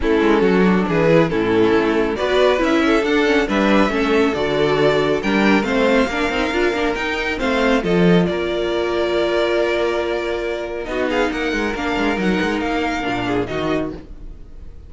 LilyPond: <<
  \new Staff \with { instrumentName = "violin" } { \time 4/4 \tempo 4 = 138 a'2 b'4 a'4~ | a'4 d''4 e''4 fis''4 | e''2 d''2 | g''4 f''2. |
g''4 f''4 dis''4 d''4~ | d''1~ | d''4 dis''8 f''8 fis''4 f''4 | fis''4 f''2 dis''4 | }
  \new Staff \with { instrumentName = "violin" } { \time 4/4 e'4 fis'4 gis'4 e'4~ | e'4 b'4. a'4. | b'4 a'2. | ais'4 c''4 ais'2~ |
ais'4 c''4 a'4 ais'4~ | ais'1~ | ais'4 fis'8 gis'8 ais'2~ | ais'2~ ais'8 gis'8 fis'4 | }
  \new Staff \with { instrumentName = "viola" } { \time 4/4 cis'4. d'4 e'8 cis'4~ | cis'4 fis'4 e'4 d'8 cis'8 | d'4 cis'4 fis'2 | d'4 c'4 d'8 dis'8 f'8 d'8 |
dis'4 c'4 f'2~ | f'1~ | f'4 dis'2 d'4 | dis'2 d'4 dis'4 | }
  \new Staff \with { instrumentName = "cello" } { \time 4/4 a8 gis8 fis4 e4 a,4 | a4 b4 cis'4 d'4 | g4 a4 d2 | g4 a4 ais8 c'8 d'8 ais8 |
dis'4 a4 f4 ais4~ | ais1~ | ais4 b4 ais8 gis8 ais8 gis8 | fis8 gis8 ais4 ais,4 dis4 | }
>>